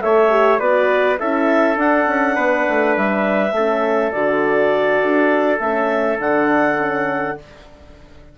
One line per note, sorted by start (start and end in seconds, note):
0.00 0.59 A3
0.00 0.29 A4
0.00 0.59 C#5
0.00 0.58 E5
0.30 0.59 G4
0.58 1.18 B3
0.58 1.18 F#4
0.58 1.18 B4
0.58 1.17 D5
1.19 1.76 C#4
1.19 1.76 E4
1.19 2.35 A4
1.19 1.77 E5
1.76 3.52 D4
1.76 2.06 D4
1.76 2.96 F#5
2.07 2.37 C#4
2.35 2.66 B3
2.35 3.53 B4
2.69 2.97 A3
2.96 3.51 G3
2.96 4.11 E5
3.51 4.10 A3
3.51 7.38 A4
3.58 4.12 C#4
4.11 5.02 D3
4.11 5.59 F#4
4.11 5.58 D5
5.04 5.59 D4
5.59 6.18 A3
5.59 6.19 C#4
5.59 6.18 E5
6.19 7.37 D3
6.19 6.77 D4
6.19 7.38 F#5
6.77 7.35 C#4